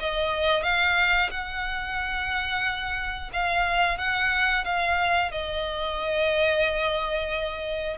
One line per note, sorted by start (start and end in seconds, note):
0.00 0.63 D#5
0.63 1.30 F5
1.31 3.31 F#5
3.33 3.98 F5
3.98 4.65 F#5
4.65 5.32 F5
5.32 7.98 D#5